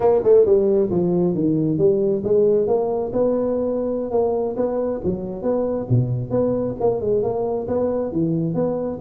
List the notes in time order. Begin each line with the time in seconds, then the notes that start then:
0.00 A#3
0.23 A3
0.45 G3
0.90 F3
1.34 D#3
1.78 G3
2.23 G#3
2.67 A#3
3.13 B3
4.11 A#3
4.56 B3
5.04 F#3
5.42 B3
5.89 B2
6.30 B3
6.79 A#3
7.01 G#3
7.22 A#3
7.67 B3
8.12 E3
8.54 B3